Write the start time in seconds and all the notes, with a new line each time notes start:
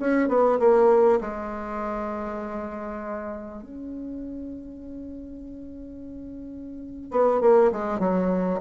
0.00 C#4
0.29 B3
0.60 A#3
1.21 G#3
3.63 C#4
7.11 B3
7.42 A#3
7.72 G#3
8.00 F#3